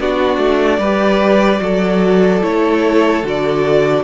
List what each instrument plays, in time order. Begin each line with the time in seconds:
0.00 cello B3, viola D4, violin F#4 D5
0.38 cello A3
0.78 cello G3, viola G4, violin B4
1.59 cello F#3, viola F#4, violin A4
2.42 cello A3, viola E4, violin C#5
3.23 cello D3, viola F#4, violin D5